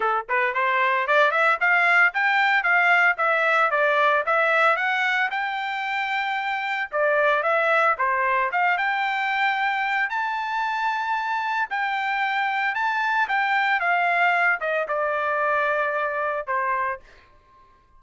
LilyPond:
\new Staff \with { instrumentName = "trumpet" } { \time 4/4 \tempo 4 = 113 a'8 b'8 c''4 d''8 e''8 f''4 | g''4 f''4 e''4 d''4 | e''4 fis''4 g''2~ | g''4 d''4 e''4 c''4 |
f''8 g''2~ g''8 a''4~ | a''2 g''2 | a''4 g''4 f''4. dis''8 | d''2. c''4 | }